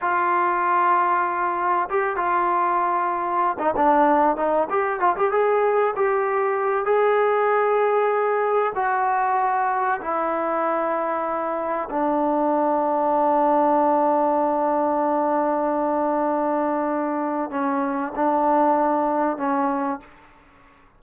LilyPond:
\new Staff \with { instrumentName = "trombone" } { \time 4/4 \tempo 4 = 96 f'2. g'8 f'8~ | f'4.~ f'16 dis'16 d'4 dis'8 g'8 | f'16 g'16 gis'4 g'4. gis'4~ | gis'2 fis'2 |
e'2. d'4~ | d'1~ | d'1 | cis'4 d'2 cis'4 | }